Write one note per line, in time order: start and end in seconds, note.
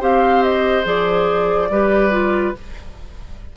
0.00 0.85 C4
0.00 0.84 G4
0.00 1.69 C5
0.00 0.43 F5
0.43 0.85 D#5
0.84 1.70 F3
0.84 1.69 G#4
0.84 2.56 D5
1.70 2.54 G3
1.70 2.11 G4
1.70 2.57 B4
2.11 2.54 F4